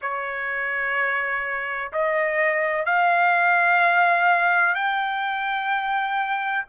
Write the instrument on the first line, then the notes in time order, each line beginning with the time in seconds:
trumpet
0.01 C#5
1.92 D#5
2.85 F5
4.74 G5